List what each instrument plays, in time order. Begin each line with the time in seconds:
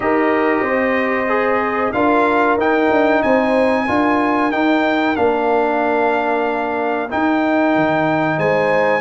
0.00 tuba D#4, trombone G4, horn A#4, trumpet D#5
0.61 tuba C4, horn C5
1.28 trombone G#4
1.92 tuba D4, trombone F4, horn A#4, trumpet F5
2.57 tuba D#4, trombone D#4, trumpet G5
2.90 tuba D4
3.22 tuba C4, horn C5, trumpet G#5
3.85 tuba D4, trombone F4, horn A#4
4.51 tuba D#4, trombone D#4, trumpet G5
5.15 tuba A#3, trombone D4, trumpet F5
7.09 trombone D#4, tuba D#4, trumpet G5
7.75 tuba D#3
8.37 tuba G#3, horn C5, trumpet G#5